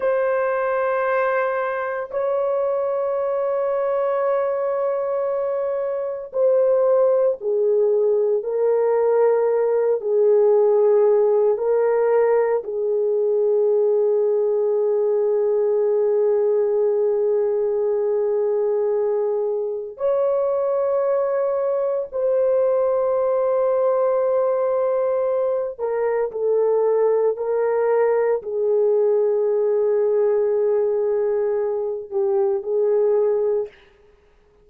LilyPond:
\new Staff \with { instrumentName = "horn" } { \time 4/4 \tempo 4 = 57 c''2 cis''2~ | cis''2 c''4 gis'4 | ais'4. gis'4. ais'4 | gis'1~ |
gis'2. cis''4~ | cis''4 c''2.~ | c''8 ais'8 a'4 ais'4 gis'4~ | gis'2~ gis'8 g'8 gis'4 | }